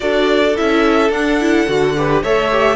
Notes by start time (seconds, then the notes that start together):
0.00 D4 F#4 A4 D5
0.55 C#4 E4 E5
1.09 D4 F#5
1.40 E4
1.67 D3 F#4
1.97 G4 B4
2.22 A3 A4 C#5 E5
2.51 G4